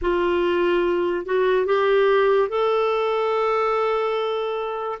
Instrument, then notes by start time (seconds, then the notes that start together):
clarinet
0.02 F4
1.25 F#4
1.66 G4
2.48 A4